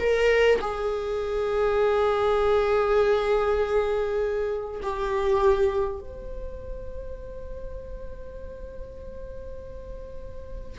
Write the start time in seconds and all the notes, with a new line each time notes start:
0.00 A#4
0.61 G#4
4.83 G4
6.00 C5